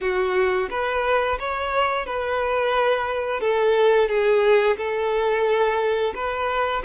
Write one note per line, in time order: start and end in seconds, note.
0.01 0.69 F#4
0.70 1.38 B4
1.39 2.05 C#5
2.05 3.40 B4
3.40 4.08 A4
4.08 4.77 G#4
4.77 6.13 A4
6.14 6.82 B4